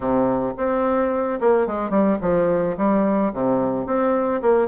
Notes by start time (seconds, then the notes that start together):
0.00 C3
0.57 C4
1.40 A#3
1.67 G#3
1.90 G3
2.21 F3
2.77 G3
3.33 C3
3.86 C4
4.41 A#3